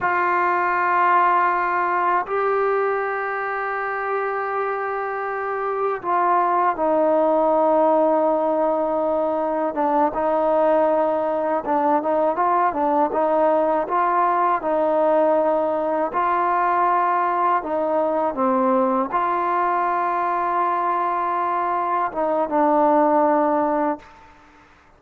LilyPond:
\new Staff \with { instrumentName = "trombone" } { \time 4/4 \tempo 4 = 80 f'2. g'4~ | g'1 | f'4 dis'2.~ | dis'4 d'8 dis'2 d'8 |
dis'8 f'8 d'8 dis'4 f'4 dis'8~ | dis'4. f'2 dis'8~ | dis'8 c'4 f'2~ f'8~ | f'4. dis'8 d'2 | }